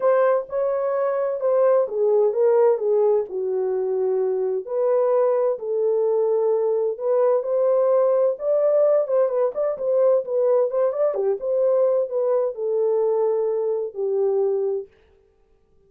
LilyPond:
\new Staff \with { instrumentName = "horn" } { \time 4/4 \tempo 4 = 129 c''4 cis''2 c''4 | gis'4 ais'4 gis'4 fis'4~ | fis'2 b'2 | a'2. b'4 |
c''2 d''4. c''8 | b'8 d''8 c''4 b'4 c''8 d''8 | g'8 c''4. b'4 a'4~ | a'2 g'2 | }